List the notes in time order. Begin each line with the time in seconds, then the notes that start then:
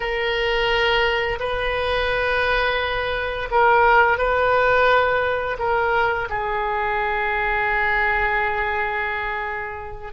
0.00 A#4
1.39 B4
3.50 A#4
4.17 B4
5.58 A#4
6.29 G#4